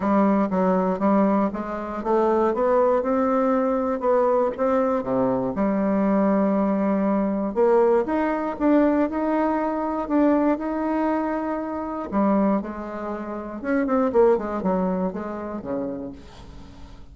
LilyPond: \new Staff \with { instrumentName = "bassoon" } { \time 4/4 \tempo 4 = 119 g4 fis4 g4 gis4 | a4 b4 c'2 | b4 c'4 c4 g4~ | g2. ais4 |
dis'4 d'4 dis'2 | d'4 dis'2. | g4 gis2 cis'8 c'8 | ais8 gis8 fis4 gis4 cis4 | }